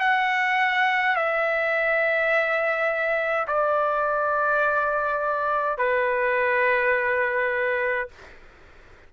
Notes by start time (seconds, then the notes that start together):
0.00 F#5
1.15 E5
3.47 D5
5.77 B4